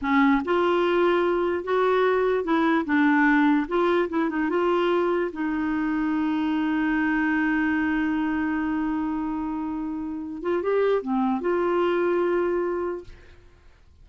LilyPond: \new Staff \with { instrumentName = "clarinet" } { \time 4/4 \tempo 4 = 147 cis'4 f'2. | fis'2 e'4 d'4~ | d'4 f'4 e'8 dis'8 f'4~ | f'4 dis'2.~ |
dis'1~ | dis'1~ | dis'4. f'8 g'4 c'4 | f'1 | }